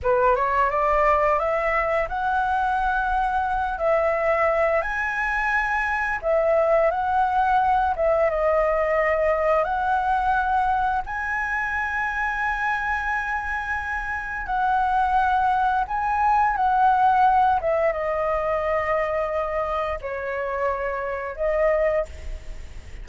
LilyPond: \new Staff \with { instrumentName = "flute" } { \time 4/4 \tempo 4 = 87 b'8 cis''8 d''4 e''4 fis''4~ | fis''4. e''4. gis''4~ | gis''4 e''4 fis''4. e''8 | dis''2 fis''2 |
gis''1~ | gis''4 fis''2 gis''4 | fis''4. e''8 dis''2~ | dis''4 cis''2 dis''4 | }